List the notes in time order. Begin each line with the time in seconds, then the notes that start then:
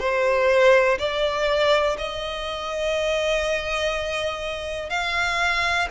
0.00 C5
0.99 D5
1.99 D#5
4.90 F5